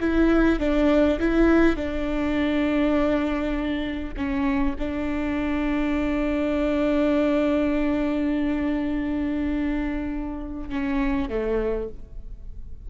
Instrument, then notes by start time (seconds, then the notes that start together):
viola
0.00 E4
0.59 D4
1.20 E4
1.76 D4
4.16 C#4
4.78 D4
10.69 C#4
11.29 A3